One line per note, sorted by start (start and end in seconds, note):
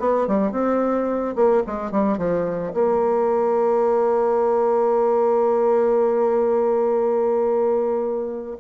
0.00 0.28 B3
0.28 0.52 G3
0.52 1.36 C4
1.36 1.63 A#3
1.67 1.92 G#3
1.92 2.18 G3
2.18 2.73 F3
2.74 8.58 A#3